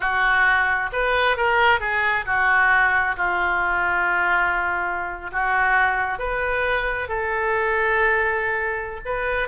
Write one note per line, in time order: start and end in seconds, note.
0.00 0.90 F#4
0.92 1.36 B4
1.36 1.79 A#4
1.79 2.25 G#4
2.25 3.16 F#4
3.16 5.30 F4
5.32 6.18 F#4
6.18 7.08 B4
7.08 9.00 A4
9.05 9.48 B4